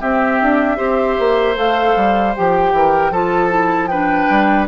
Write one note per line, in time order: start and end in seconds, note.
0.00 0.76 C4
0.00 0.41 C4
0.00 0.77 G4
0.00 1.56 E5
0.41 0.78 D4
0.76 1.17 C4
0.76 1.54 G4
0.76 2.71 C5
1.19 1.56 A#3
1.55 1.95 A3
1.55 2.33 A4
1.55 2.35 F5
1.96 2.35 G3
2.35 2.72 F3
2.35 3.12 G4
2.35 3.12 G5
2.72 3.10 E3
2.72 3.11 A#4
3.10 4.27 F3
3.10 3.49 F4
3.10 3.89 A4
3.10 3.87 A5
3.49 3.88 E4
3.87 4.68 D4
3.87 4.68 B4
3.87 4.65 G5
4.29 4.68 G3